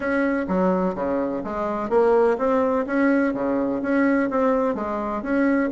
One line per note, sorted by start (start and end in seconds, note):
0.00 0.45 C#4
0.48 0.95 F#3
0.95 1.42 C#3
1.44 1.89 G#3
1.89 2.37 A#3
2.37 2.85 C4
2.86 3.33 C#4
3.33 3.81 C#3
3.82 4.29 C#4
4.30 4.74 C4
4.74 5.22 G#3
5.22 5.69 C#4